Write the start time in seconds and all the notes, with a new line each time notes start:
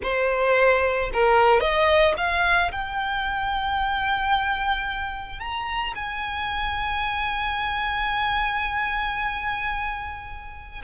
0.02 C5
1.13 A#4
1.60 D#5
2.17 F5
2.71 G5
5.39 A#5
5.95 G#5